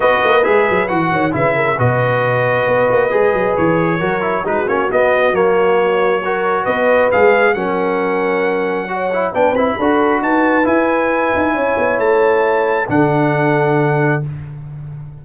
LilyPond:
<<
  \new Staff \with { instrumentName = "trumpet" } { \time 4/4 \tempo 4 = 135 dis''4 e''4 fis''4 e''4 | dis''1 | cis''2 b'8 cis''8 dis''4 | cis''2. dis''4 |
f''4 fis''2.~ | fis''4 g''8 b''4. a''4 | gis''2. a''4~ | a''4 fis''2. | }
  \new Staff \with { instrumentName = "horn" } { \time 4/4 b'2~ b'8 cis''8 b'8 ais'8 | b'1~ | b'4 ais'4 fis'2~ | fis'2 ais'4 b'4~ |
b'4 ais'2. | cis''4 b'4 a'4 b'4~ | b'2 cis''2~ | cis''4 a'2. | }
  \new Staff \with { instrumentName = "trombone" } { \time 4/4 fis'4 gis'4 fis'4 e'4 | fis'2. gis'4~ | gis'4 fis'8 e'8 dis'8 cis'8 b4 | ais2 fis'2 |
gis'4 cis'2. | fis'8 e'8 d'8 e'8 fis'2 | e'1~ | e'4 d'2. | }
  \new Staff \with { instrumentName = "tuba" } { \time 4/4 b8 ais8 gis8 fis8 e8 dis8 cis4 | b,2 b8 ais8 gis8 fis8 | e4 fis4 gis8 ais8 b4 | fis2. b4 |
gis4 fis2.~ | fis4 b8 c'8 d'4 dis'4 | e'4. dis'8 cis'8 b8 a4~ | a4 d2. | }
>>